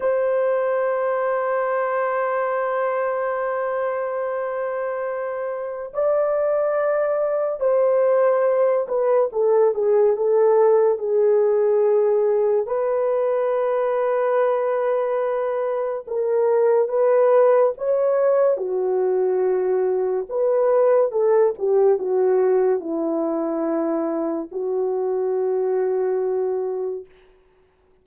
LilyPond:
\new Staff \with { instrumentName = "horn" } { \time 4/4 \tempo 4 = 71 c''1~ | c''2. d''4~ | d''4 c''4. b'8 a'8 gis'8 | a'4 gis'2 b'4~ |
b'2. ais'4 | b'4 cis''4 fis'2 | b'4 a'8 g'8 fis'4 e'4~ | e'4 fis'2. | }